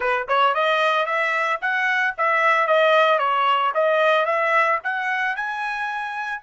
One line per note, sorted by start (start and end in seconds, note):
0.00 0.27 B4
0.28 0.54 C#5
0.54 1.05 D#5
1.05 1.59 E5
1.61 2.15 F#5
2.17 2.67 E5
2.67 3.19 D#5
3.19 3.72 C#5
3.74 4.25 D#5
4.25 4.79 E5
4.83 5.36 F#5
5.36 6.42 G#5